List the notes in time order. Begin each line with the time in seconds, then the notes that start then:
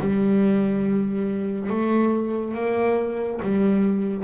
0.00 G3
1.70 A3
2.55 A#3
3.42 G3